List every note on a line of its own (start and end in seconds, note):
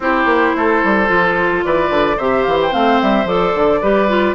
0.00 0.25 C4
0.00 1.07 E4
0.00 0.56 G4
0.00 1.64 C5
0.25 0.52 A#3
0.55 0.82 A3
0.55 1.65 A4
0.83 1.09 G3
1.07 1.63 F3
1.07 2.16 F4
1.64 1.90 E3
1.64 2.16 B4
1.64 2.18 D5
1.90 2.17 D3
2.16 2.45 C3
2.16 2.70 G4
2.16 3.80 C5
2.16 2.43 E5
2.43 2.73 E3
2.43 2.57 F5
2.62 2.73 G5
2.70 3.00 A3
2.70 3.25 C4
2.70 3.00 F5
3.01 3.25 G3
3.01 3.27 E5
3.25 3.52 F3
3.25 3.80 A4
3.25 4.34 D5
3.55 3.82 D3
3.81 4.34 G3
3.81 4.08 G4
3.81 4.34 B4
4.08 4.34 F4